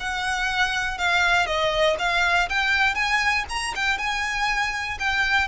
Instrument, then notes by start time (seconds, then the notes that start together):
violin
0.00 F#5
0.98 F5
1.47 D#5
1.99 F5
2.49 G5
2.95 G#5
3.49 A#5
3.75 G5
3.98 G#5
4.99 G5